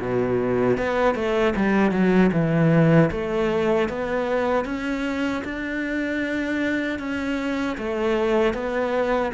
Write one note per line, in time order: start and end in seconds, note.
0.00 0.77 B2
0.77 1.15 B3
1.15 1.54 A3
1.55 1.91 G3
1.91 2.30 F#3
2.32 3.10 E3
3.11 3.89 A3
3.89 4.65 B3
4.65 5.43 C#4
5.44 6.99 D4
6.99 7.77 C#4
7.78 8.54 A3
8.54 9.32 B3